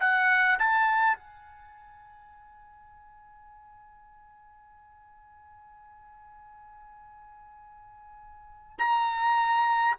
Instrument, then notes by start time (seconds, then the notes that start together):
trumpet
0.00 F#5
0.59 A5
1.18 G#5
8.79 A#5